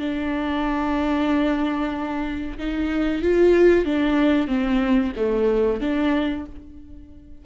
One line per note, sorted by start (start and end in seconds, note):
0.00 2.58 D4
2.59 3.22 D#4
3.22 3.86 F4
3.86 4.48 D4
4.48 5.12 C4
5.17 5.81 A3
5.81 6.46 D4